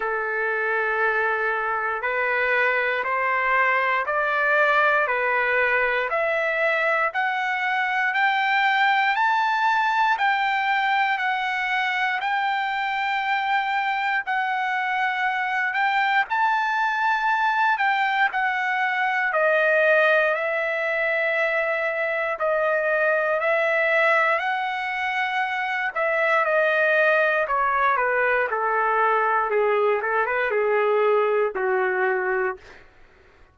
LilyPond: \new Staff \with { instrumentName = "trumpet" } { \time 4/4 \tempo 4 = 59 a'2 b'4 c''4 | d''4 b'4 e''4 fis''4 | g''4 a''4 g''4 fis''4 | g''2 fis''4. g''8 |
a''4. g''8 fis''4 dis''4 | e''2 dis''4 e''4 | fis''4. e''8 dis''4 cis''8 b'8 | a'4 gis'8 a'16 b'16 gis'4 fis'4 | }